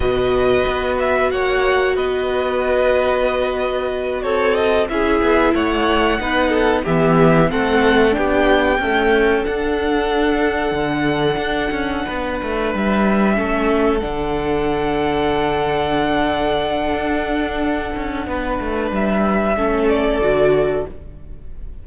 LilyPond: <<
  \new Staff \with { instrumentName = "violin" } { \time 4/4 \tempo 4 = 92 dis''4. e''8 fis''4 dis''4~ | dis''2~ dis''8 cis''8 dis''8 e''8~ | e''8 fis''2 e''4 fis''8~ | fis''8 g''2 fis''4.~ |
fis''2.~ fis''8 e''8~ | e''4. fis''2~ fis''8~ | fis''1~ | fis''4 e''4. d''4. | }
  \new Staff \with { instrumentName = "violin" } { \time 4/4 b'2 cis''4 b'4~ | b'2~ b'8 a'4 gis'8~ | gis'8 cis''4 b'8 a'8 g'4 a'8~ | a'8 g'4 a'2~ a'8~ |
a'2~ a'8 b'4.~ | b'8 a'2.~ a'8~ | a'1 | b'2 a'2 | }
  \new Staff \with { instrumentName = "viola" } { \time 4/4 fis'1~ | fis'2.~ fis'8 e'8~ | e'4. dis'4 b4 c'8~ | c'8 d'4 a4 d'4.~ |
d'1~ | d'8 cis'4 d'2~ d'8~ | d'1~ | d'2 cis'4 fis'4 | }
  \new Staff \with { instrumentName = "cello" } { \time 4/4 b,4 b4 ais4 b4~ | b2~ b8 c'4 cis'8 | b8 a4 b4 e4 a8~ | a8 b4 cis'4 d'4.~ |
d'8 d4 d'8 cis'8 b8 a8 g8~ | g8 a4 d2~ d8~ | d2 d'4. cis'8 | b8 a8 g4 a4 d4 | }
>>